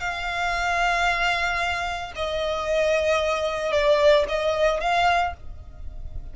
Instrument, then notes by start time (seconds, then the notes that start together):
violin
0.00 F5
2.16 D#5
3.72 D5
4.28 D#5
4.80 F5